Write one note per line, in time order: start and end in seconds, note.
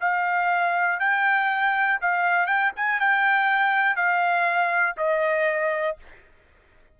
0.00 1.00 F5
1.00 2.00 G5
2.01 2.46 F5
2.46 2.71 G5
2.76 3.00 G#5
3.00 3.96 G5
3.96 4.96 F5
4.97 5.97 D#5